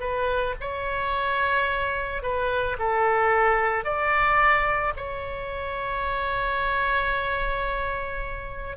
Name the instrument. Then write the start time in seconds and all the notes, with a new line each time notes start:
oboe
0.00 B4
0.60 C#5
2.22 B4
2.79 A4
3.84 D5
4.96 C#5